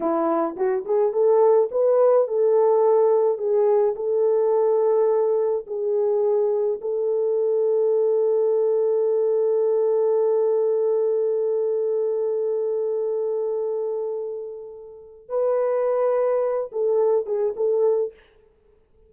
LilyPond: \new Staff \with { instrumentName = "horn" } { \time 4/4 \tempo 4 = 106 e'4 fis'8 gis'8 a'4 b'4 | a'2 gis'4 a'4~ | a'2 gis'2 | a'1~ |
a'1~ | a'1~ | a'2. b'4~ | b'4. a'4 gis'8 a'4 | }